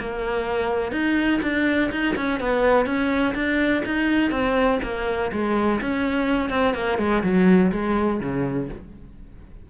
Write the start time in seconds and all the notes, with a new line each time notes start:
0.00 A#3
0.92 D#4
1.43 D4
1.92 D#4
2.16 C#4
2.41 B3
2.86 C#4
3.35 D4
3.86 D#4
4.32 C4
4.83 A#3
5.32 G#3
5.81 C#4
6.50 C4
6.75 A#3
6.99 G#3
7.23 F#3
7.72 G#3
8.21 C#3